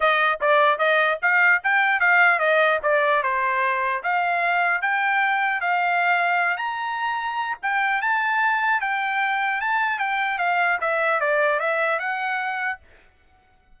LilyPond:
\new Staff \with { instrumentName = "trumpet" } { \time 4/4 \tempo 4 = 150 dis''4 d''4 dis''4 f''4 | g''4 f''4 dis''4 d''4 | c''2 f''2 | g''2 f''2~ |
f''8 ais''2~ ais''8 g''4 | a''2 g''2 | a''4 g''4 f''4 e''4 | d''4 e''4 fis''2 | }